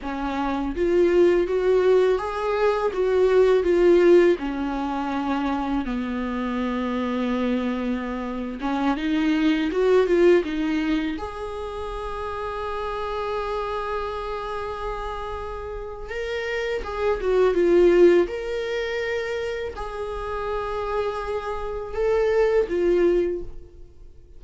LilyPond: \new Staff \with { instrumentName = "viola" } { \time 4/4 \tempo 4 = 82 cis'4 f'4 fis'4 gis'4 | fis'4 f'4 cis'2 | b2.~ b8. cis'16~ | cis'16 dis'4 fis'8 f'8 dis'4 gis'8.~ |
gis'1~ | gis'2 ais'4 gis'8 fis'8 | f'4 ais'2 gis'4~ | gis'2 a'4 f'4 | }